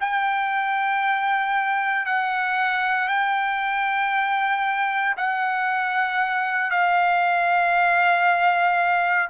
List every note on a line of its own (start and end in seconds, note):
0.00 2.05 G5
2.05 3.08 F#5
3.08 5.15 G5
5.17 6.70 F#5
6.70 9.29 F5